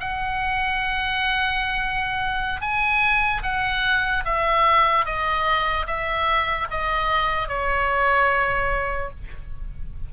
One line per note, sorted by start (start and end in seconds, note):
0.00 2.61 F#5
2.61 3.42 G#5
3.43 4.24 F#5
4.25 5.05 E5
5.05 5.86 D#5
5.87 6.68 E5
6.71 7.48 D#5
7.48 9.10 C#5